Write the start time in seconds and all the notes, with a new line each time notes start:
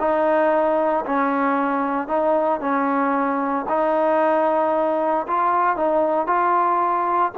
0.00 D#4
1.06 C#4
2.08 D#4
2.61 C#4
3.69 D#4
5.27 F4
5.77 D#4
6.27 F4